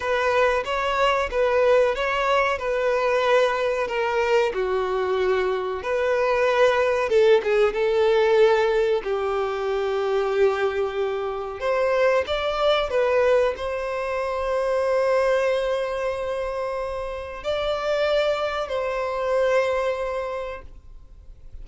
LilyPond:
\new Staff \with { instrumentName = "violin" } { \time 4/4 \tempo 4 = 93 b'4 cis''4 b'4 cis''4 | b'2 ais'4 fis'4~ | fis'4 b'2 a'8 gis'8 | a'2 g'2~ |
g'2 c''4 d''4 | b'4 c''2.~ | c''2. d''4~ | d''4 c''2. | }